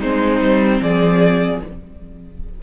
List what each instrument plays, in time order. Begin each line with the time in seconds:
0.00 cello G#3, viola C4, violin D#4 C5
0.40 cello G3
0.80 cello F3, violin G#4 D5